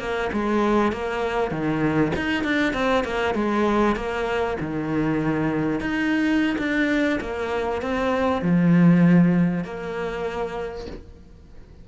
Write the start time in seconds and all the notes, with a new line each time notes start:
0.00 A#3
0.33 G#3
0.92 A#3
1.51 D#3
2.16 D#4
2.44 D4
2.74 C4
3.05 A#3
3.35 G#3
3.96 A#3
4.61 D#3
5.81 D#4
6.58 D4
7.21 A#3
7.82 C4
8.42 F3
9.65 A#3